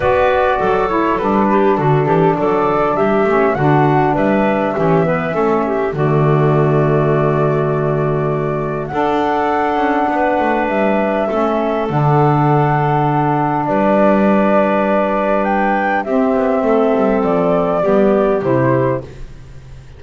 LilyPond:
<<
  \new Staff \with { instrumentName = "flute" } { \time 4/4 \tempo 4 = 101 d''4. cis''8 b'4 a'4 | d''4 e''4 fis''4 e''4~ | e''2 d''2~ | d''2. fis''4~ |
fis''2 e''2 | fis''2. d''4~ | d''2 g''4 e''4~ | e''4 d''2 c''4 | }
  \new Staff \with { instrumentName = "clarinet" } { \time 4/4 b'4 a'4. g'8 fis'8 g'8 | a'4 g'4 fis'4 b'4 | g'8 b'8 a'8 g'8 fis'2~ | fis'2. a'4~ |
a'4 b'2 a'4~ | a'2. b'4~ | b'2. g'4 | a'2 g'2 | }
  \new Staff \with { instrumentName = "saxophone" } { \time 4/4 fis'4. e'8 d'2~ | d'4. cis'8 d'2 | cis'8 b8 cis'4 a2~ | a2. d'4~ |
d'2. cis'4 | d'1~ | d'2. c'4~ | c'2 b4 e'4 | }
  \new Staff \with { instrumentName = "double bass" } { \time 4/4 b4 fis4 g4 d8 e8 | fis4 g8 a8 d4 g4 | e4 a4 d2~ | d2. d'4~ |
d'8 cis'8 b8 a8 g4 a4 | d2. g4~ | g2. c'8 b8 | a8 g8 f4 g4 c4 | }
>>